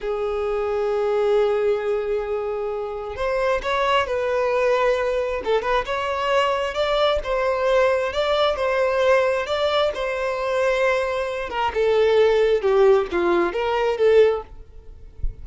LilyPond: \new Staff \with { instrumentName = "violin" } { \time 4/4 \tempo 4 = 133 gis'1~ | gis'2. c''4 | cis''4 b'2. | a'8 b'8 cis''2 d''4 |
c''2 d''4 c''4~ | c''4 d''4 c''2~ | c''4. ais'8 a'2 | g'4 f'4 ais'4 a'4 | }